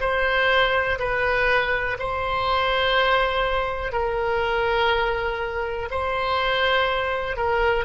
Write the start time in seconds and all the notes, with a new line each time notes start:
0.00 C5
0.98 B4
1.99 C5
3.92 A#4
5.90 C5
7.36 A#4